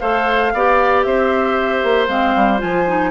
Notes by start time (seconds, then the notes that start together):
0.00 A3 A4 C5 F5
0.54 B3 G4 D5
1.03 C4 C5 E5
1.84 A#3
2.08 G#3 C4 F5
2.36 G3
2.59 F3 F4 G#5
2.87 D#4